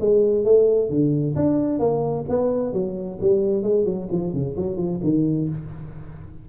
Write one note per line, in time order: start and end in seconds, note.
0.00 0.45 G#3
0.45 0.90 A3
0.90 1.36 D3
1.36 1.79 D4
1.79 2.25 A#3
2.29 2.73 B3
2.73 3.19 F#3
3.21 3.63 G3
3.63 3.85 G#3
3.85 4.08 F#3
4.12 4.33 F3
4.33 4.56 C#3
4.57 4.77 F#3
4.77 5.00 F3
5.03 5.49 D#3